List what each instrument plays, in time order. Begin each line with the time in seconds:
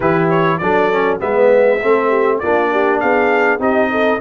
0.00 tuba E3, trombone E4, horn G4, trumpet B4
0.30 trumpet C#5
0.58 tuba F#3, trombone D4, horn A4, trumpet D5
0.92 trombone C#4
1.19 tuba G#3, trombone B3, horn B4, trumpet E5
1.81 tuba A3, trombone C4, horn A4
2.08 horn G4
2.39 tuba A#3, trombone D4, horn F4, trumpet D5
2.70 horn G4
3.00 tuba B3, horn G#4, trumpet F5
3.58 tuba C4, trombone D#4, horn G4, trumpet D#5
3.91 horn A4